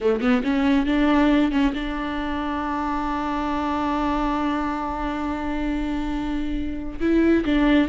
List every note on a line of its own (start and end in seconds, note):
0.00 0.20 A3
0.20 0.42 B3
0.43 0.86 C#4
0.86 1.51 D4
1.51 1.73 C#4
1.74 6.99 D4
7.00 7.44 E4
7.45 7.88 D4